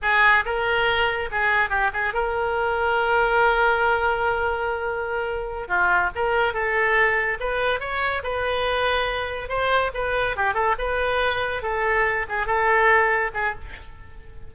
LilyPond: \new Staff \with { instrumentName = "oboe" } { \time 4/4 \tempo 4 = 142 gis'4 ais'2 gis'4 | g'8 gis'8 ais'2.~ | ais'1~ | ais'4. f'4 ais'4 a'8~ |
a'4. b'4 cis''4 b'8~ | b'2~ b'8 c''4 b'8~ | b'8 g'8 a'8 b'2 a'8~ | a'4 gis'8 a'2 gis'8 | }